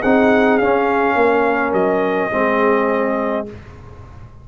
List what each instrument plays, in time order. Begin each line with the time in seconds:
0.00 tuba C4, trombone D#4, horn G#4, trumpet F#5
0.57 tuba C#4, trombone C#4, trumpet F5
1.15 tuba A#3, horn A#4
1.72 tuba F#3, trumpet D#5
2.30 tuba G#3, trombone C4, horn G#4